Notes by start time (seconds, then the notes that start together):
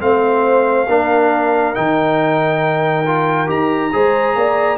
0.00 A3 C4 C5 F5
0.89 A#3 D4 A#4
1.75 D#3 D#4 G5
3.07 F4
3.47 D#4 G4 A#5
3.93 G#3 G#4 C5
4.36 A#3 D5